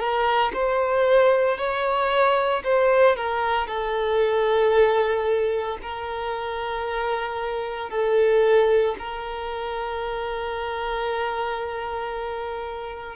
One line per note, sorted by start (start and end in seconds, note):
0.00 0.53 A#4
0.54 1.58 C5
1.58 2.64 C#5
2.64 3.17 C5
3.17 3.67 A#4
3.67 5.78 A4
5.83 7.90 A#4
7.90 8.96 A4
8.99 13.16 A#4